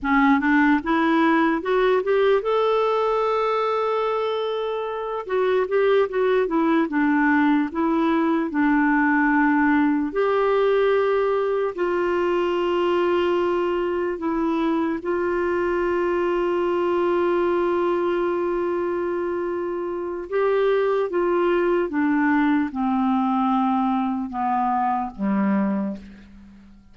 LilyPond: \new Staff \with { instrumentName = "clarinet" } { \time 4/4 \tempo 4 = 74 cis'8 d'8 e'4 fis'8 g'8 a'4~ | a'2~ a'8 fis'8 g'8 fis'8 | e'8 d'4 e'4 d'4.~ | d'8 g'2 f'4.~ |
f'4. e'4 f'4.~ | f'1~ | f'4 g'4 f'4 d'4 | c'2 b4 g4 | }